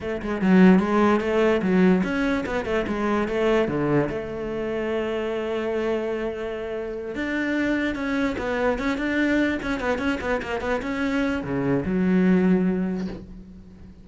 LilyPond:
\new Staff \with { instrumentName = "cello" } { \time 4/4 \tempo 4 = 147 a8 gis8 fis4 gis4 a4 | fis4 cis'4 b8 a8 gis4 | a4 d4 a2~ | a1~ |
a4. d'2 cis'8~ | cis'8 b4 cis'8 d'4. cis'8 | b8 cis'8 b8 ais8 b8 cis'4. | cis4 fis2. | }